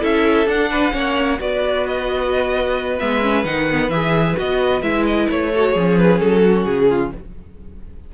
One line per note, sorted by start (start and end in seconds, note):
0.00 0.47 C#4
0.00 0.46 E4
0.00 0.70 A4
0.00 0.48 E5
0.47 0.93 D4
0.47 0.91 D4
0.47 1.40 F#5
0.71 0.93 B4
0.91 1.39 A#3
0.91 1.37 C#4
0.91 1.39 C#5
1.39 3.00 B3
1.39 2.99 F#4
1.39 5.52 B4
1.39 1.87 D5
1.87 2.99 D#5
2.99 3.45 G#3
2.99 3.21 B3
2.99 3.45 E5
3.21 3.44 C#4
3.44 3.89 D#3
3.44 3.67 D#4
3.44 3.90 F#5
3.72 3.92 B3
3.89 4.35 E3
3.89 4.36 G#4
3.89 4.35 E5
4.36 4.82 B3
4.36 4.82 F#4
4.36 4.82 D#5
4.82 5.28 G#3
4.82 5.51 E4
4.82 5.05 E5
5.06 5.29 D#5
5.30 5.75 A3
5.30 5.98 C#5
5.53 5.77 F#4
5.53 5.72 A4
5.72 6.21 F3
5.72 7.14 C#4
5.72 6.40 G#4
5.98 6.20 B4
6.20 6.66 F#3
6.20 6.65 A4
6.44 6.89 F#4
6.65 7.12 C#3
6.65 7.11 G#4
6.89 7.12 F4